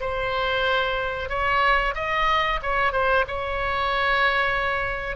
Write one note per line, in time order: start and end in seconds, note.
0.00 1.29 C5
1.29 1.94 C#5
1.94 2.60 D#5
2.62 2.92 C#5
2.92 3.25 C5
3.27 5.16 C#5